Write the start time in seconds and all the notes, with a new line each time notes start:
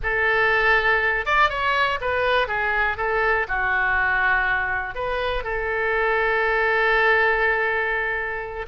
0.02 A4
1.25 D5
1.49 C#5
2.01 B4
2.47 G#4
2.97 A4
3.47 F#4
4.95 B4
5.43 A4